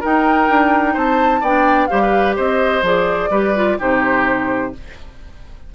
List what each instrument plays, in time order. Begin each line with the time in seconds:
0.00 clarinet D#4, bassoon D#4, oboe A#4, flute G5
0.49 bassoon D4
0.93 bassoon C4, oboe C5, flute A5
1.41 bassoon B3, clarinet D4, oboe D5, flute G5
1.87 bassoon G3, clarinet G4, oboe C5, flute F5
2.02 oboe B4
2.36 bassoon C4, oboe C5, flute D#5
2.82 bassoon F3, clarinet G#4, flute D5
3.30 bassoon G3, clarinet G4, oboe B4
3.55 clarinet F4
3.79 bassoon C3, clarinet D#4, oboe G4, flute C5